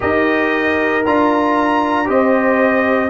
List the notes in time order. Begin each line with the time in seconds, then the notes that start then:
0.00 D#4 G4 A#4 D#5
1.05 D4 F4 A#5
2.05 C4 G4 C5 D#5